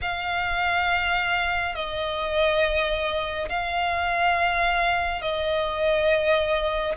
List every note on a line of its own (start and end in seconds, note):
0.01 1.75 F5
1.75 3.49 D#5
3.49 5.21 F5
5.21 6.95 D#5